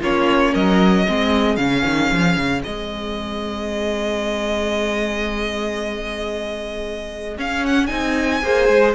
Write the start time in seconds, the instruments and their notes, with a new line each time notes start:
0.00 cello A#3, viola C#4, violin F4 C#5
0.52 cello F#3, violin A#4 D#5
1.04 cello G#3, viola C4, violin G#4
1.55 cello C#3, viola C#4, violin F5
1.84 cello D#3
2.12 cello F3
2.36 cello C#3
2.63 cello G#3, viola C4, violin D#5
7.37 viola C#4, cello C#4, violin F5
7.66 violin F#5
7.86 cello C4, viola D#4, violin G#5
8.42 cello A#3, viola G#4, violin C5
8.68 cello G#3